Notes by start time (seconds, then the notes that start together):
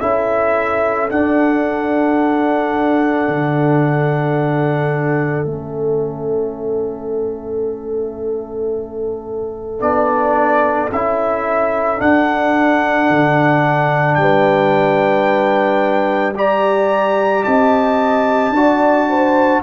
0.00 C#4 E4 A4 E5
1.10 D4 F#5
3.28 D3
5.45 A3 C#4 E5
9.79 B3 D4 D5
10.92 C#4 E4 E5
11.97 D4 F#5
13.09 D3
14.15 G3 G5
14.21 B4
16.35 G4 D5 A#5
17.44 C4 D#5 A5
18.50 D4 F#4 D5
19.10 C5